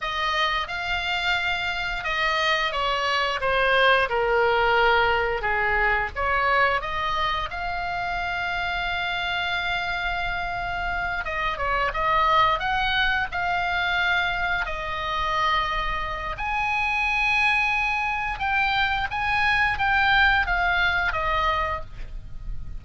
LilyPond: \new Staff \with { instrumentName = "oboe" } { \time 4/4 \tempo 4 = 88 dis''4 f''2 dis''4 | cis''4 c''4 ais'2 | gis'4 cis''4 dis''4 f''4~ | f''1~ |
f''8 dis''8 cis''8 dis''4 fis''4 f''8~ | f''4. dis''2~ dis''8 | gis''2. g''4 | gis''4 g''4 f''4 dis''4 | }